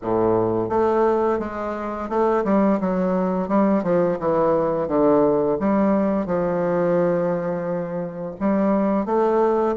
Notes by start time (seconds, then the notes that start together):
0.02 A2
0.69 A3
1.39 G#3
2.09 A3
2.44 G3
2.80 F#3
3.48 G3
3.83 F3
4.19 E3
4.88 D3
5.59 G3
6.26 F3
8.39 G3
9.05 A3